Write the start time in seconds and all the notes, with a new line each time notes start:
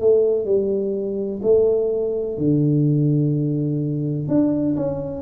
0.00 A3
0.45 G3
1.42 A3
2.37 D3
4.28 D4
4.76 C#4